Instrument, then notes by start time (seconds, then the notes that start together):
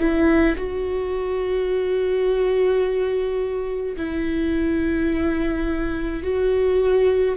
viola
0.00 E4
0.57 F#4
3.97 E4
6.23 F#4